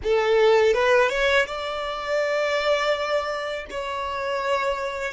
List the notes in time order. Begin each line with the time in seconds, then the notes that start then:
0.03 A4
0.74 B4
1.09 C#5
1.46 D5
3.70 C#5